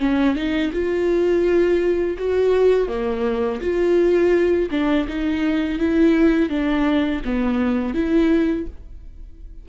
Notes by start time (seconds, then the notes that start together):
0.00 C#4
0.36 D#4
0.73 F4
2.18 F#4
2.88 A#3
3.61 F4
4.72 D4
5.08 D#4
5.79 E4
6.50 D4
7.25 B3
7.95 E4